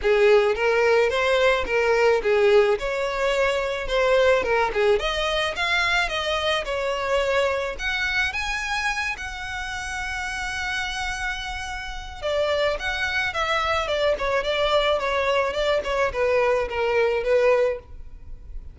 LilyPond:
\new Staff \with { instrumentName = "violin" } { \time 4/4 \tempo 4 = 108 gis'4 ais'4 c''4 ais'4 | gis'4 cis''2 c''4 | ais'8 gis'8 dis''4 f''4 dis''4 | cis''2 fis''4 gis''4~ |
gis''8 fis''2.~ fis''8~ | fis''2 d''4 fis''4 | e''4 d''8 cis''8 d''4 cis''4 | d''8 cis''8 b'4 ais'4 b'4 | }